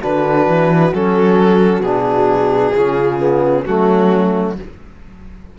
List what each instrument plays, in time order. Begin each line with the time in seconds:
0.00 cello D3, trombone D4, horn F#4, violin B4
0.48 cello E3
0.94 cello F#3, trombone C#4, violin A4
1.81 cello B2, trombone D4, violin G#4
2.75 cello C#3, trombone C#4, horn F4
3.19 trombone B3
3.66 cello F#3, trombone A3, horn C#4, violin F#4